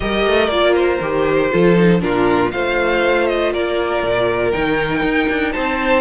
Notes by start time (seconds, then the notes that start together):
0.00 G3 G4 A#4 D#5
0.26 A3
0.48 A#3 F4 D5
0.74 C5
1.01 D#3 G4
1.51 F3 F4 A4
1.77 D#4
1.99 A#2 D4 F4 A#4
2.51 A3 F4 C5 F5
3.27 D#5
3.52 A#3 A#4 D5
4.02 A#2
4.52 D#3 D#4 G5
5.02 D#4
5.29 D4
5.52 C4 C5 A5